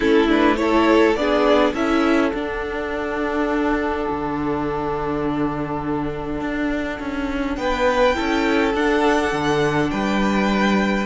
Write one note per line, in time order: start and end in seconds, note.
0.00 1.15 A3
0.00 0.28 C#4
0.00 0.56 E4
0.00 0.29 A4
0.28 0.57 D4
0.28 0.56 B4
0.56 1.15 E4
0.56 1.19 A4
0.56 1.14 C#5
1.15 1.73 B3
1.15 1.75 D4
1.15 1.73 G#4
1.15 1.73 D5
1.73 2.32 C#4
1.73 2.33 E4
1.73 7.56 A4
1.73 2.32 E5
2.32 4.08 D4
2.32 8.14 D4
2.32 7.55 F#5
4.10 6.41 D3
6.41 6.99 D4
6.99 7.57 C#4
7.55 8.15 B3
7.55 8.16 B4
7.55 8.72 G5
8.14 8.74 C#4
8.14 8.72 E4
8.14 9.91 A4
8.74 9.32 D4
8.74 11.06 D4
8.74 9.90 F#5
9.32 9.90 D3
9.90 11.06 G3
9.90 11.06 B4
9.90 11.06 G5